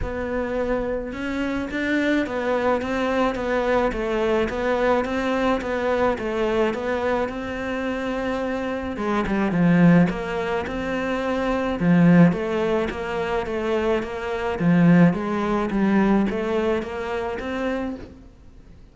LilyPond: \new Staff \with { instrumentName = "cello" } { \time 4/4 \tempo 4 = 107 b2 cis'4 d'4 | b4 c'4 b4 a4 | b4 c'4 b4 a4 | b4 c'2. |
gis8 g8 f4 ais4 c'4~ | c'4 f4 a4 ais4 | a4 ais4 f4 gis4 | g4 a4 ais4 c'4 | }